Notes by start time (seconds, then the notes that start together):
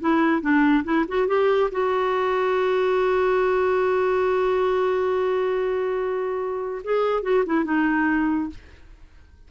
0.00 E4
0.41 D4
0.84 E4
1.08 F#4
1.27 G4
1.71 F#4
6.84 G#4
7.22 F#4
7.46 E4
7.64 D#4